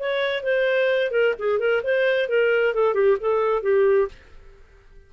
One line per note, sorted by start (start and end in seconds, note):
0.00 0.44 C#5
0.44 1.12 C5
1.12 1.34 A#4
1.39 1.60 G#4
1.60 1.83 A#4
1.84 2.29 C5
2.29 2.75 A#4
2.75 2.95 A4
2.95 3.17 G4
3.21 3.63 A4
3.63 4.09 G4